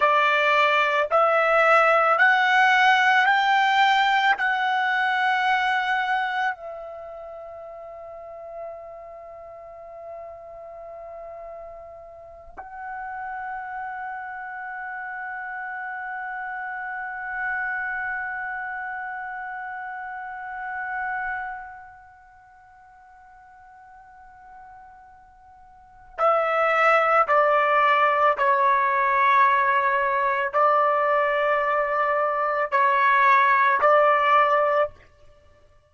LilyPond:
\new Staff \with { instrumentName = "trumpet" } { \time 4/4 \tempo 4 = 55 d''4 e''4 fis''4 g''4 | fis''2 e''2~ | e''2.~ e''8 fis''8~ | fis''1~ |
fis''1~ | fis''1 | e''4 d''4 cis''2 | d''2 cis''4 d''4 | }